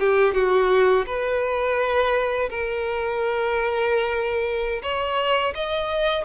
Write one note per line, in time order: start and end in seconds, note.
0.00 0.34 G4
0.34 1.06 F#4
1.07 2.50 B4
2.50 4.82 A#4
4.83 5.55 C#5
5.55 6.25 D#5